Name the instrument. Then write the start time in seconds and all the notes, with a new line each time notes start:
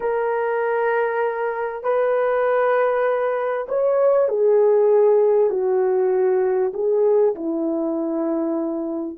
horn
0.00 A#4
1.83 B4
3.68 C#5
4.28 G#4
5.50 F#4
6.73 G#4
7.35 E4